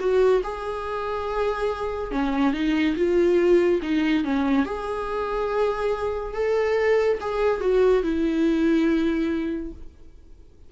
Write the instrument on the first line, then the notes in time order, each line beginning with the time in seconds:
viola
0.00 F#4
0.44 G#4
2.12 C#4
2.54 D#4
2.97 F4
3.82 D#4
4.24 C#4
4.66 G#4
6.34 A4
7.21 G#4
7.61 F#4
8.03 E4